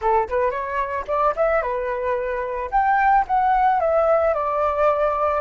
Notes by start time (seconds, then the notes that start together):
0.01 A4
0.28 B4
0.50 C#5
1.07 D5
1.36 E5
1.61 B4
2.71 G5
3.27 F#5
3.80 E5
4.34 D5